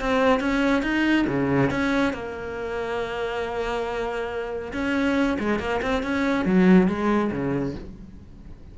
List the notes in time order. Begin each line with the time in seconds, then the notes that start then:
0.00 C4
0.40 C#4
0.82 D#4
1.27 C#3
1.70 C#4
2.13 A#3
4.72 C#4
5.39 G#3
5.59 A#3
5.82 C4
6.03 C#4
6.45 F#3
6.87 G#3
7.31 C#3